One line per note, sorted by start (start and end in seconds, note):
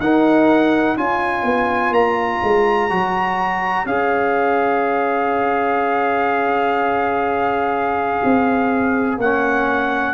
0.00 0.97 D#4
0.00 0.99 A#4
0.00 0.97 F#5
0.97 1.43 C#4
0.97 2.90 F4
0.97 10.15 C#5
0.97 1.94 G#5
1.43 1.91 B3
1.91 2.39 A#3
1.91 3.86 A#5
2.43 2.91 G#3
2.90 3.85 F#3
2.90 3.87 F#4
3.85 8.21 C#4
3.85 9.20 G#4
3.85 9.19 F5
8.24 9.18 C4
9.18 10.15 A#3
9.18 10.15 C#4
9.18 10.15 F#5